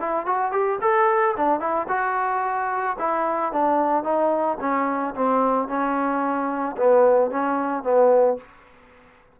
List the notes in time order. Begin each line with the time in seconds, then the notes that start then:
0.00 E4
0.26 F#4
0.52 G4
0.81 A4
1.37 D4
1.60 E4
1.88 F#4
2.99 E4
3.52 D4
4.04 D#4
4.60 C#4
5.15 C4
5.68 C#4
6.77 B3
7.31 C#4
7.83 B3